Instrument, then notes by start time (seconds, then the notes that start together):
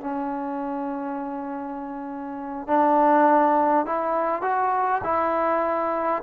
trombone
0.00 C#4
2.67 D4
3.86 E4
4.42 F#4
5.04 E4